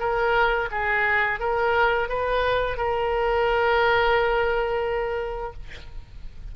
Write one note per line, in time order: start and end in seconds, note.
0.00 0.69 A#4
0.72 1.40 G#4
1.40 2.09 A#4
2.09 2.77 B4
2.77 5.53 A#4